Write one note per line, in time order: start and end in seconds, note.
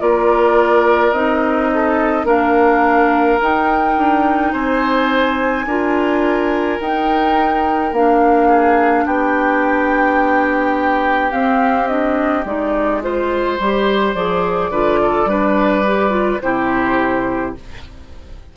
0.00 1.12 A#3
0.00 1.13 F4
0.00 1.71 A#4
0.00 1.13 D5
1.12 2.24 C4
1.12 2.26 D#4
1.12 2.26 D#5
1.74 2.26 A4
2.24 3.37 A#3
2.24 3.39 D4
2.24 4.52 A#4
2.24 3.40 F5
3.41 5.67 D#4
3.41 3.97 D#4
3.41 4.54 G5
3.97 4.53 D4
4.53 5.66 C4
4.53 5.66 C5
4.53 6.80 G#5
5.66 6.79 D4
5.66 6.80 F4
5.66 8.48 A#4
6.80 7.93 D#4
6.80 7.92 D#4
6.80 7.94 G5
7.92 9.05 A#3
7.92 11.30 D4
7.92 9.06 F5
8.48 9.05 G#4
9.06 11.32 B3
9.06 13.02 G4
9.06 11.32 G5
11.30 11.87 C4
11.30 12.45 C4
11.30 11.88 F5
11.88 12.44 D4
11.88 12.44 D#5
12.45 13.58 G#3
12.45 13.02 D#4
12.45 13.03 D5
13.02 13.58 F4
13.02 14.15 C5
13.02 14.71 C5
13.59 14.14 G3
13.59 14.16 G4
14.14 14.71 F3
14.14 14.73 G#4
14.14 16.41 D5
14.71 15.25 D3
14.71 15.28 F4
14.71 14.99 B4
15.02 15.29 A4
15.25 16.38 G3
15.25 15.84 D4
15.25 16.43 B4
15.87 16.10 G4
16.10 16.38 F4
16.41 17.56 C3
16.41 17.56 E4
16.41 17.56 G4
16.41 17.54 C5